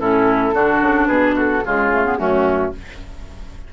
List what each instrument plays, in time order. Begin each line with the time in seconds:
0.00 bassoon A2, clarinet C#4, oboe E4, flute A4
0.54 bassoon D3, clarinet D4, oboe F#4
0.81 bassoon C#3
1.07 bassoon B2, oboe G#4, flute B4
1.36 oboe F#4, flute A4
1.65 bassoon C#3, clarinet G#3, oboe F4, flute G#4
1.93 clarinet A3
2.05 clarinet B3
2.18 bassoon F#2, clarinet A3, oboe C#4, flute F#4